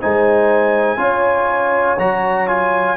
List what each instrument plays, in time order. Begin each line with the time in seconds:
0.00 tuba G#3, trombone D#4, horn C5, trumpet G#5
0.97 tuba C#4, trombone F4, horn C#5
1.98 tuba F#3, trombone F#4, trumpet A#5
2.48 trombone F4, trumpet G#5